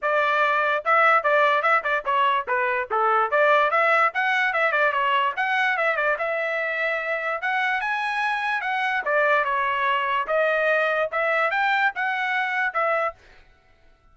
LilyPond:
\new Staff \with { instrumentName = "trumpet" } { \time 4/4 \tempo 4 = 146 d''2 e''4 d''4 | e''8 d''8 cis''4 b'4 a'4 | d''4 e''4 fis''4 e''8 d''8 | cis''4 fis''4 e''8 d''8 e''4~ |
e''2 fis''4 gis''4~ | gis''4 fis''4 d''4 cis''4~ | cis''4 dis''2 e''4 | g''4 fis''2 e''4 | }